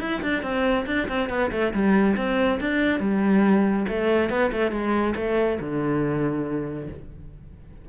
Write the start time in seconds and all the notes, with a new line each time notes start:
0.00 E4
0.22 D4
0.42 C4
0.86 D4
1.08 C4
1.30 B3
1.51 A3
1.73 G3
2.17 C4
2.60 D4
3.00 G3
3.88 A3
4.30 B3
4.52 A3
4.71 G#3
5.15 A3
5.60 D3